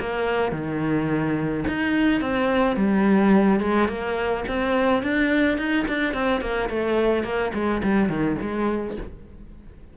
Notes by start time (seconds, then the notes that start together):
0.00 A#3
0.52 D#3
1.68 D#4
2.21 C4
2.76 G3
3.60 G#3
3.88 A#3
4.48 C4
5.03 D4
5.58 D#4
5.88 D4
6.14 C4
6.41 A#3
6.69 A3
7.24 A#3
7.54 G#3
7.83 G3
8.09 D#3
8.41 G#3